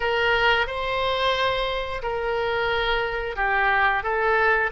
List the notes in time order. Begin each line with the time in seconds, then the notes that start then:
0.00 A#4
0.66 C5
2.02 A#4
3.36 G4
4.03 A4